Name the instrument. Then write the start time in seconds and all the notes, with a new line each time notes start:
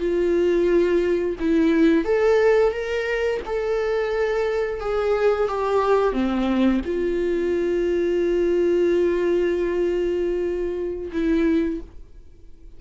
viola
0.00 F4
1.39 E4
2.05 A4
2.72 A#4
3.46 A4
4.80 G#4
5.48 G4
6.13 C4
6.86 F4
11.13 E4